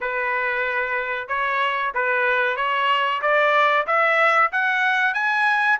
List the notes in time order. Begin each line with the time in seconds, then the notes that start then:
0.00 B4
1.28 C#5
1.94 B4
2.56 C#5
3.21 D5
3.87 E5
4.52 F#5
5.13 G#5